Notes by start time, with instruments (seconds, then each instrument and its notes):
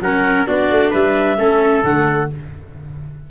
0.00 tuba F#3, viola C#4, trumpet A#4, clarinet F#5
0.46 tuba B3, viola D4, trumpet F#4, clarinet D5
0.70 tuba A3
0.90 tuba G3, trumpet B4, clarinet E5
1.37 tuba A3, viola C#4, trumpet A4
1.83 tuba D3, viola A3, clarinet F#5